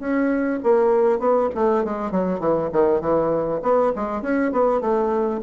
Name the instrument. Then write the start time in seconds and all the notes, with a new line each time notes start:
bassoon
0.00 C#4
0.64 A#3
1.19 B3
1.55 A3
1.85 G#3
2.11 F#3
2.40 E3
2.73 D#3
3.01 E3
3.63 B3
3.96 G#3
4.22 C#4
4.52 B3
4.81 A3